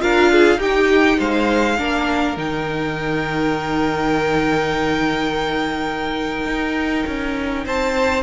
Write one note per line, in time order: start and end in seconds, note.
0.00 0.56 D4
0.00 0.59 F4
0.00 0.31 A#4
0.00 0.60 F5
0.32 0.59 G#4
0.56 1.15 D#4
0.56 1.77 D#4
0.56 1.18 G4
0.56 1.20 G5
1.18 1.79 G#3
1.18 1.77 C5
1.18 2.38 F5
1.78 2.36 A#3
1.78 2.37 D4
1.78 7.65 A#4
2.36 6.46 D#3
2.36 8.23 D#4
2.36 7.66 G5
6.46 7.04 D#4
7.07 7.66 C#4
7.65 8.23 C4
7.65 8.23 C5
7.65 8.23 A5